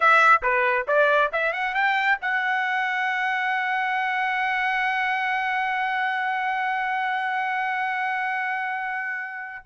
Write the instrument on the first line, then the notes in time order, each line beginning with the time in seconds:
trumpet
0.00 E5
0.42 B4
0.87 D5
1.32 E5
1.52 F#5
1.74 G5
2.21 F#5